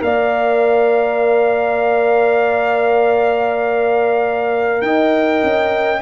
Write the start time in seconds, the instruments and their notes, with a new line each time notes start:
0.00 tuba A#3, trombone A#4, horn D5, trumpet F5
4.82 tuba D#4, horn D#5, trumpet G5
5.43 tuba C#4